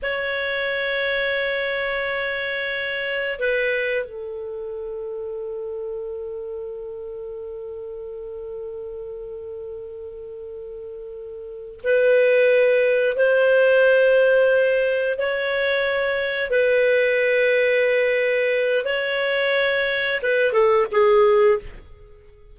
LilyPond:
\new Staff \with { instrumentName = "clarinet" } { \time 4/4 \tempo 4 = 89 cis''1~ | cis''4 b'4 a'2~ | a'1~ | a'1~ |
a'4. b'2 c''8~ | c''2~ c''8 cis''4.~ | cis''8 b'2.~ b'8 | cis''2 b'8 a'8 gis'4 | }